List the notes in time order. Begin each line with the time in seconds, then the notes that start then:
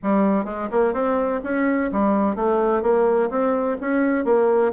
0.02 G3
0.44 G#3
0.71 A#3
0.93 C4
1.43 C#4
1.92 G3
2.35 A3
2.82 A#3
3.30 C4
3.81 C#4
4.24 A#3